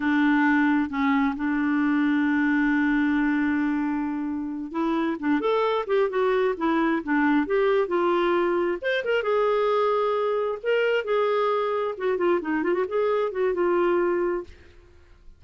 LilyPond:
\new Staff \with { instrumentName = "clarinet" } { \time 4/4 \tempo 4 = 133 d'2 cis'4 d'4~ | d'1~ | d'2~ d'8 e'4 d'8 | a'4 g'8 fis'4 e'4 d'8~ |
d'8 g'4 f'2 c''8 | ais'8 gis'2. ais'8~ | ais'8 gis'2 fis'8 f'8 dis'8 | f'16 fis'16 gis'4 fis'8 f'2 | }